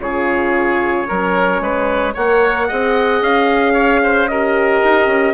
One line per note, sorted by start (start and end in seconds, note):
0.00 1.07 C#3
0.00 1.08 F4
0.00 1.08 G#4
0.00 2.16 C#5
1.08 1.61 F#3
1.08 2.16 C#4
1.08 1.62 A#4
1.61 2.14 G#3
1.61 2.14 B4
2.14 2.71 A#3
2.14 2.70 A#4
2.14 2.68 C#5
2.14 3.24 F#5
2.68 3.21 C4
2.68 4.30 G#4
2.68 3.74 D#5
3.21 4.82 C#4
3.21 4.28 F5
3.74 4.01 C#5
4.04 4.30 C5
4.28 5.34 G4
4.28 5.34 A#4
4.28 5.34 D#5
4.84 5.07 D#4
5.07 5.34 C#4